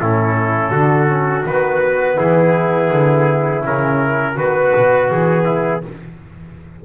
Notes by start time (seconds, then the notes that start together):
0.00 A2 C#4 E4 A4
0.71 D3 D4 F#4
1.09 C#4
1.46 D#3 B3 B4
2.17 E3 E4 G#4
2.91 D3
3.64 C#3 C#4 A#4
4.35 D#3 B3 F#4 B4
4.76 B2
5.11 E3 G#4
5.46 E4